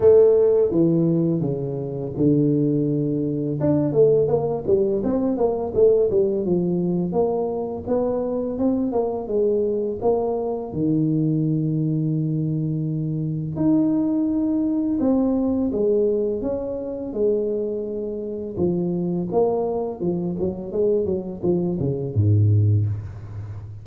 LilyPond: \new Staff \with { instrumentName = "tuba" } { \time 4/4 \tempo 4 = 84 a4 e4 cis4 d4~ | d4 d'8 a8 ais8 g8 c'8 ais8 | a8 g8 f4 ais4 b4 | c'8 ais8 gis4 ais4 dis4~ |
dis2. dis'4~ | dis'4 c'4 gis4 cis'4 | gis2 f4 ais4 | f8 fis8 gis8 fis8 f8 cis8 gis,4 | }